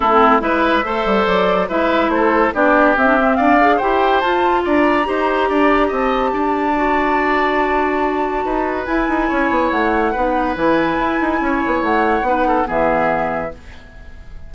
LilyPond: <<
  \new Staff \with { instrumentName = "flute" } { \time 4/4 \tempo 4 = 142 a'4 e''2 d''4 | e''4 c''4 d''4 e''4 | f''4 g''4 a''4 ais''4~ | ais''2 a''2~ |
a''1~ | a''4 gis''2 fis''4~ | fis''4 gis''2. | fis''2 e''2 | }
  \new Staff \with { instrumentName = "oboe" } { \time 4/4 e'4 b'4 c''2 | b'4 a'4 g'2 | d''4 c''2 d''4 | c''4 d''4 dis''4 d''4~ |
d''1 | b'2 cis''2 | b'2. cis''4~ | cis''4 b'8 a'8 gis'2 | }
  \new Staff \with { instrumentName = "clarinet" } { \time 4/4 cis'16 c'8. e'4 a'2 | e'2 d'4 c'16 d'16 c'8~ | c'8 gis'8 g'4 f'2 | g'1 |
fis'1~ | fis'4 e'2. | dis'4 e'2.~ | e'4 dis'4 b2 | }
  \new Staff \with { instrumentName = "bassoon" } { \time 4/4 a4 gis4 a8 g8 fis4 | gis4 a4 b4 c'4 | d'4 e'4 f'4 d'4 | dis'4 d'4 c'4 d'4~ |
d'1 | dis'4 e'8 dis'8 cis'8 b8 a4 | b4 e4 e'8 dis'8 cis'8 b8 | a4 b4 e2 | }
>>